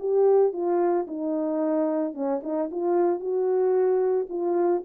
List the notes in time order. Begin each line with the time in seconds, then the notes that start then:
0.00 G4
0.53 F4
1.08 D#4
2.15 C#4
2.44 D#4
2.72 F4
3.20 F#4
4.30 F4